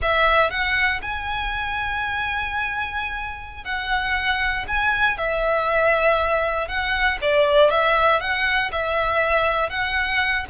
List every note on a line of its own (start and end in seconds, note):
0.02 0.50 E5
0.50 1.01 F#5
1.02 3.64 G#5
3.64 4.65 F#5
4.67 5.17 G#5
5.17 6.67 E5
6.67 7.18 F#5
7.21 7.70 D5
7.70 8.20 E5
8.20 8.71 F#5
8.71 9.69 E5
9.69 10.45 F#5